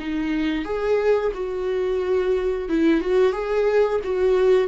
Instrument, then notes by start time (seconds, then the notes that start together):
viola
0.00 D#4
0.65 G#4
1.35 F#4
2.69 E4
3.01 F#4
3.33 G#4
4.04 F#4